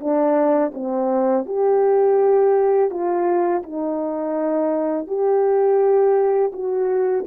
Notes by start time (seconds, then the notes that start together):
0.00 D4
0.74 C4
1.46 G4
2.90 F4
3.63 D#4
5.07 G4
6.53 F#4